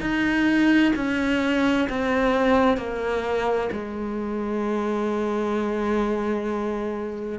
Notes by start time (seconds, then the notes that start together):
0.00 D#4
0.95 C#4
1.89 C4
2.77 A#3
3.72 G#3